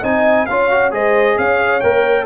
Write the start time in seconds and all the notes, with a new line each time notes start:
0.00 C4 D#4 D#5 G#5
0.46 C#4 F4 C#5 F5
0.71 F#4
0.91 G#3 G#4 C5 D#5
1.38 C#4 C#5 F5
1.80 A#3 A#4 G5